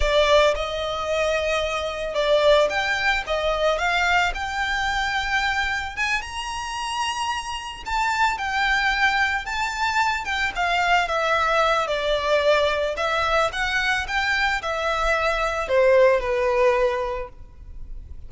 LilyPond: \new Staff \with { instrumentName = "violin" } { \time 4/4 \tempo 4 = 111 d''4 dis''2. | d''4 g''4 dis''4 f''4 | g''2. gis''8 ais''8~ | ais''2~ ais''8 a''4 g''8~ |
g''4. a''4. g''8 f''8~ | f''8 e''4. d''2 | e''4 fis''4 g''4 e''4~ | e''4 c''4 b'2 | }